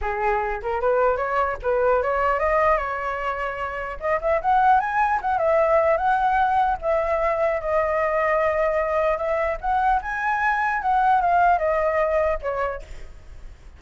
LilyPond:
\new Staff \with { instrumentName = "flute" } { \time 4/4 \tempo 4 = 150 gis'4. ais'8 b'4 cis''4 | b'4 cis''4 dis''4 cis''4~ | cis''2 dis''8 e''8 fis''4 | gis''4 fis''8 e''4. fis''4~ |
fis''4 e''2 dis''4~ | dis''2. e''4 | fis''4 gis''2 fis''4 | f''4 dis''2 cis''4 | }